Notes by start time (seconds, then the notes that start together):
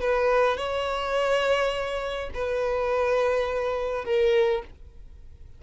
0.00 B4
0.57 C#5
2.34 B4
4.04 A#4